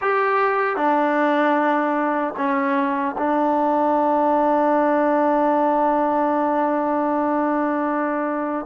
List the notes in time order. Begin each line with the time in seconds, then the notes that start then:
0.01 G4
0.76 D4
2.36 C#4
3.18 D4